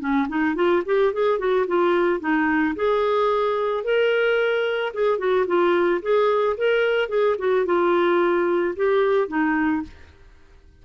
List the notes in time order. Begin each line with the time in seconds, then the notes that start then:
0.00 C#4
0.28 D#4
0.55 F4
0.86 G4
1.13 G#4
1.39 F#4
1.67 F4
2.20 D#4
2.76 G#4
3.84 A#4
4.94 G#4
5.18 F#4
5.47 F4
6.02 G#4
6.57 A#4
7.09 G#4
7.38 F#4
7.66 F4
8.76 G4
9.28 D#4